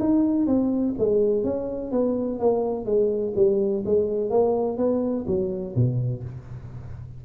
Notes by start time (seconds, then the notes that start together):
0.00 D#4
0.47 C4
0.99 G#3
1.44 C#4
1.92 B3
2.40 A#3
2.86 G#3
3.36 G3
3.86 G#3
4.30 A#3
4.78 B3
5.27 F#3
5.76 B2